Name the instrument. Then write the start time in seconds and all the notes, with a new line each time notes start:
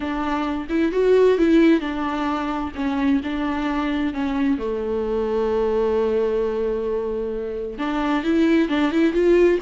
viola
0.00 D4
0.69 E4
0.92 F#4
1.37 E4
1.80 D4
2.75 C#4
3.23 D4
4.13 C#4
4.58 A3
7.78 D4
8.23 E4
8.68 D4
8.91 E4
9.13 F4